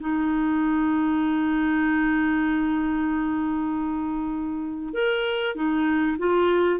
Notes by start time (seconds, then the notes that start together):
0.00 D#4
4.93 A#4
5.55 D#4
6.18 F4